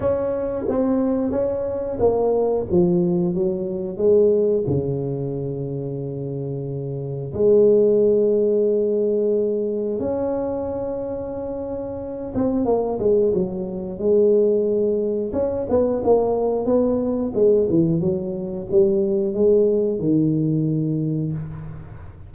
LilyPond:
\new Staff \with { instrumentName = "tuba" } { \time 4/4 \tempo 4 = 90 cis'4 c'4 cis'4 ais4 | f4 fis4 gis4 cis4~ | cis2. gis4~ | gis2. cis'4~ |
cis'2~ cis'8 c'8 ais8 gis8 | fis4 gis2 cis'8 b8 | ais4 b4 gis8 e8 fis4 | g4 gis4 dis2 | }